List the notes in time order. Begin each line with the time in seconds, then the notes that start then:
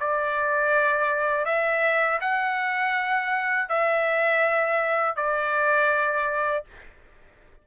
0.00 D5
1.45 E5
2.21 F#5
3.69 E5
5.16 D5